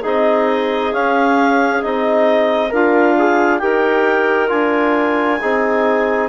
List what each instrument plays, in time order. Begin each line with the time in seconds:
0.00 bassoon C4, trombone D#4, clarinet G#4 D#5
0.92 trombone C#4, bassoon C#4, clarinet F5
1.82 bassoon C4, trombone D#4, clarinet D#5
2.68 bassoon D4, clarinet F4 F5, trombone A#4
3.18 trombone G#4
3.58 bassoon D#4, trombone G4, clarinet A#4 G5
4.48 bassoon D4, trombone F4, clarinet G#5
5.40 bassoon C4, trombone D#4, clarinet G#4